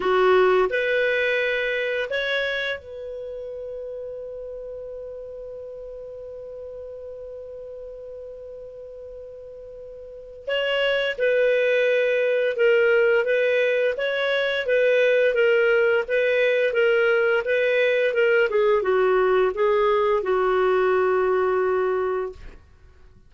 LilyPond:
\new Staff \with { instrumentName = "clarinet" } { \time 4/4 \tempo 4 = 86 fis'4 b'2 cis''4 | b'1~ | b'1~ | b'2. cis''4 |
b'2 ais'4 b'4 | cis''4 b'4 ais'4 b'4 | ais'4 b'4 ais'8 gis'8 fis'4 | gis'4 fis'2. | }